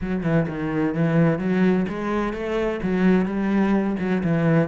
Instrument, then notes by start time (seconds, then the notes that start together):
cello
0.01 F#3
0.23 E3
0.48 D#3
0.94 E3
1.38 F#3
1.88 G#3
2.33 A3
2.83 F#3
3.25 G3
3.99 F#3
4.23 E3